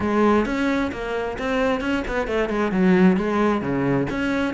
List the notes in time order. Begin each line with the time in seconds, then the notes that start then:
0.00 G#3
0.45 C#4
0.92 A#3
1.38 C4
1.81 C#4
2.07 B3
2.27 A3
2.49 G#3
2.71 F#3
3.16 G#3
3.61 C#3
4.10 C#4